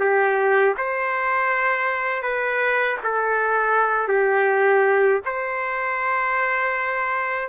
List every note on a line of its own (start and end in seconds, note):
0.00 0.75 G4
0.77 2.23 C5
2.23 2.98 B4
3.03 4.08 A4
4.08 5.21 G4
5.25 7.49 C5